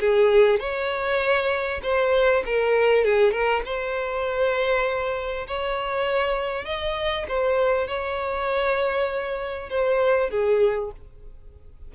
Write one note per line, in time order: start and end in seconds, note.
0.00 0.60 G#4
0.60 1.81 C#5
1.83 2.43 C5
2.45 3.04 A#4
3.04 3.32 G#4
3.32 3.62 A#4
3.65 5.47 C5
5.47 6.65 C#5
6.65 7.26 D#5
7.28 7.88 C5
7.88 9.69 C#5
9.70 10.30 C5
10.30 10.91 G#4